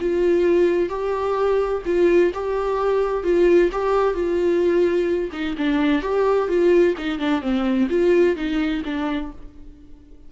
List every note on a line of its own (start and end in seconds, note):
0.00 0.89 F4
0.89 1.82 G4
1.85 2.32 F4
2.34 3.23 G4
3.23 3.70 F4
3.72 4.14 G4
4.14 5.30 F4
5.32 5.55 D#4
5.58 6.02 D4
6.02 6.48 G4
6.48 6.95 F4
6.97 7.19 D#4
7.19 7.41 D4
7.41 7.88 C4
7.89 8.36 F4
8.36 8.82 D#4
8.85 9.31 D4